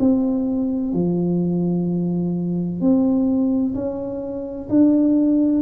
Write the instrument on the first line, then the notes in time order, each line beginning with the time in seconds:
tuba
0.00 C4
0.93 F3
2.81 C4
3.75 C#4
4.69 D4